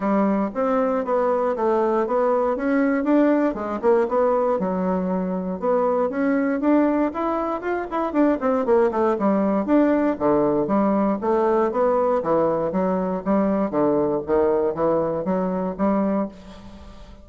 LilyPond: \new Staff \with { instrumentName = "bassoon" } { \time 4/4 \tempo 4 = 118 g4 c'4 b4 a4 | b4 cis'4 d'4 gis8 ais8 | b4 fis2 b4 | cis'4 d'4 e'4 f'8 e'8 |
d'8 c'8 ais8 a8 g4 d'4 | d4 g4 a4 b4 | e4 fis4 g4 d4 | dis4 e4 fis4 g4 | }